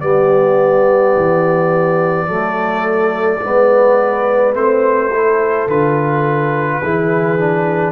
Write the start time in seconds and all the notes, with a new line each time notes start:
0.00 G3 B3 G4 D5
1.16 E3
2.27 F#3 A3 A4
3.41 G#3 B3 B4
4.54 A3 C4 C5
5.12 E4 A4
5.67 D3 F4 B4
6.82 E3 E4 G#4
7.38 D4